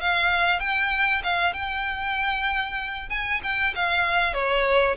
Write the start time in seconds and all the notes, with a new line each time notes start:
0.00 F5
0.59 G5
1.24 F5
1.53 G5
3.09 G#5
3.43 G5
3.75 F5
4.34 C#5